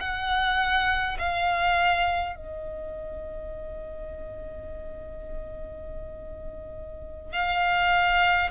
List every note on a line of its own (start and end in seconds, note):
0.00 1.18 F#5
1.19 2.35 F5
2.35 7.33 D#5
7.33 8.50 F5